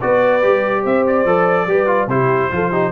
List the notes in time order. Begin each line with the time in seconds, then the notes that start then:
0.00 B3 F#4 B4 D5
0.42 G3 G4
0.82 C4 C5 E5
1.07 D5
1.25 F3 A4
1.66 G3 G4 B4
1.86 F4
2.07 C3 E4 G4 C5
2.51 F3 F4 A4
2.71 D#4 G4